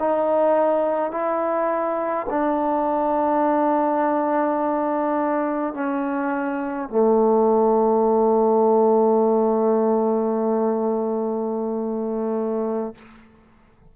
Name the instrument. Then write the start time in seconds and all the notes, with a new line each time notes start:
trombone
0.00 D#4
1.11 E4
2.30 D4
5.74 C#4
6.89 A3